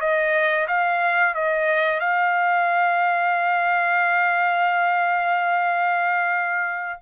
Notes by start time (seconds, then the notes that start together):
0.00 D#5
0.67 F5
1.34 D#5
2.00 F5